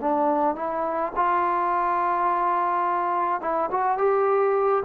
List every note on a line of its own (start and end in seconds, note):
0.00 0.55 D4
0.55 1.12 E4
1.15 3.41 F4
3.41 3.69 E4
3.70 3.97 F#4
3.97 4.83 G4